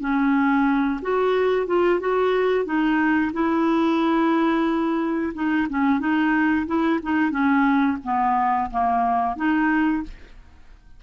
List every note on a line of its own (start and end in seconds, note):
0.00 1.00 C#4
1.02 1.66 F#4
1.66 1.99 F4
1.99 2.65 F#4
2.65 3.32 D#4
3.33 5.33 E4
5.34 5.67 D#4
5.69 5.99 C#4
5.99 6.66 D#4
6.66 7.00 E4
7.02 7.31 D#4
7.31 7.97 C#4
8.04 8.70 B3
8.71 9.36 A#3
9.36 10.03 D#4